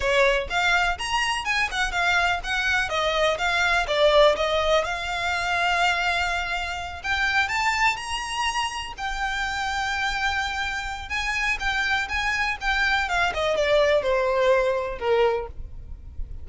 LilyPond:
\new Staff \with { instrumentName = "violin" } { \time 4/4 \tempo 4 = 124 cis''4 f''4 ais''4 gis''8 fis''8 | f''4 fis''4 dis''4 f''4 | d''4 dis''4 f''2~ | f''2~ f''8 g''4 a''8~ |
a''8 ais''2 g''4.~ | g''2. gis''4 | g''4 gis''4 g''4 f''8 dis''8 | d''4 c''2 ais'4 | }